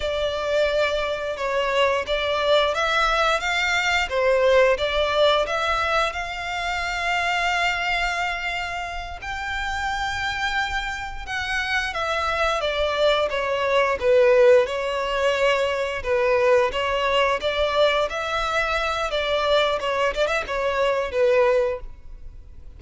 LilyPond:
\new Staff \with { instrumentName = "violin" } { \time 4/4 \tempo 4 = 88 d''2 cis''4 d''4 | e''4 f''4 c''4 d''4 | e''4 f''2.~ | f''4. g''2~ g''8~ |
g''8 fis''4 e''4 d''4 cis''8~ | cis''8 b'4 cis''2 b'8~ | b'8 cis''4 d''4 e''4. | d''4 cis''8 d''16 e''16 cis''4 b'4 | }